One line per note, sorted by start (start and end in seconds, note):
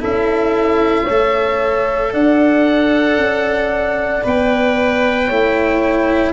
0.00 1.09 C#4
0.00 1.06 E4
0.00 1.05 A4
0.00 2.14 E5
1.05 2.14 A3
1.05 4.25 A4
1.05 2.10 C#5
2.13 3.18 D4
2.13 5.27 D5
2.13 4.25 F#5
3.18 4.23 C#4
4.25 5.30 B3
4.25 5.30 B4
4.25 6.33 G5
5.27 6.33 A3
5.27 6.33 E4
5.27 6.32 C#5